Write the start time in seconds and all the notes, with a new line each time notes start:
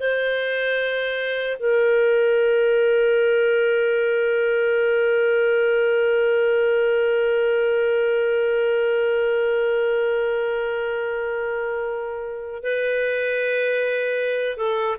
0.00 C5
1.60 A#4
12.64 B4
14.57 A4